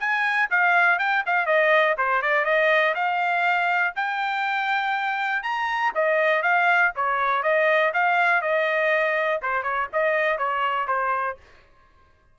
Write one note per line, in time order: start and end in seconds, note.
0.00 0.50 G#5
0.51 0.99 F5
0.99 1.24 G5
1.27 1.46 F5
1.46 1.96 D#5
1.98 2.22 C5
2.22 2.45 D5
2.45 2.95 D#5
2.95 3.94 F5
3.96 5.43 G5
5.43 5.93 A#5
5.95 6.43 D#5
6.43 6.93 F5
6.96 7.43 C#5
7.43 7.93 D#5
7.94 8.42 F5
8.42 9.41 D#5
9.42 9.63 C5
9.63 9.88 C#5
9.93 10.38 D#5
10.38 10.88 C#5
10.88 11.37 C5